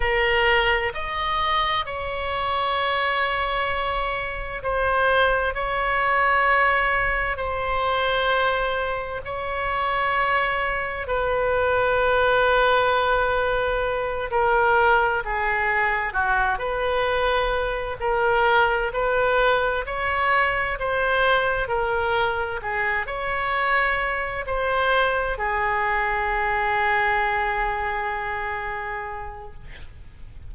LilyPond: \new Staff \with { instrumentName = "oboe" } { \time 4/4 \tempo 4 = 65 ais'4 dis''4 cis''2~ | cis''4 c''4 cis''2 | c''2 cis''2 | b'2.~ b'8 ais'8~ |
ais'8 gis'4 fis'8 b'4. ais'8~ | ais'8 b'4 cis''4 c''4 ais'8~ | ais'8 gis'8 cis''4. c''4 gis'8~ | gis'1 | }